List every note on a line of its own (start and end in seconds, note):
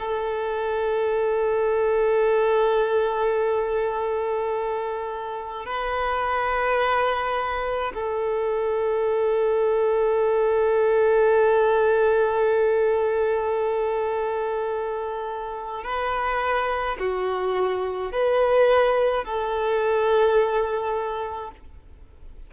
0.00 5.66 A4
5.66 7.92 B4
7.95 15.84 A4
15.84 16.97 B4
17.00 18.12 F#4
18.12 19.25 B4
19.25 21.51 A4